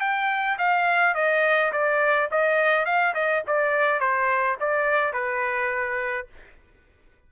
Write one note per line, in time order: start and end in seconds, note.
0.00 0.57 G5
0.58 1.14 F5
1.14 1.71 D#5
1.72 2.29 D5
2.31 2.85 D#5
2.85 3.14 F5
3.14 3.43 D#5
3.47 3.99 D5
3.99 4.57 C5
4.60 5.13 D5
5.13 6.27 B4